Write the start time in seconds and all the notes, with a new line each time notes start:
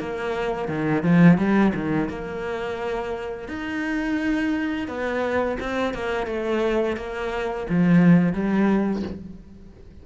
0.00 A#3
0.68 D#3
1.04 F3
1.38 G3
1.75 D#3
2.09 A#3
3.49 D#4
4.88 B3
5.60 C4
5.94 A#3
6.27 A3
6.97 A#3
7.70 F3
8.33 G3